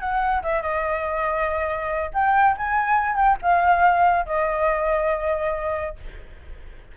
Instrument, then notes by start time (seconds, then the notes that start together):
flute
0.00 F#5
0.43 E5
0.62 D#5
2.14 G5
2.57 G#5
3.16 G5
3.42 F5
4.26 D#5